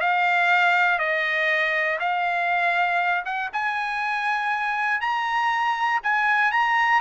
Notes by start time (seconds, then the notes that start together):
0.00 F5
0.98 D#5
1.99 F5
3.25 F#5
3.52 G#5
5.00 A#5
6.03 G#5
6.51 A#5